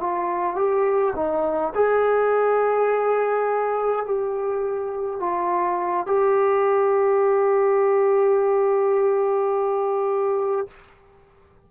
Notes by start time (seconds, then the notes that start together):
0.00 F4
0.56 G4
1.15 D#4
1.75 G#4
4.05 G4
5.20 F4
6.06 G4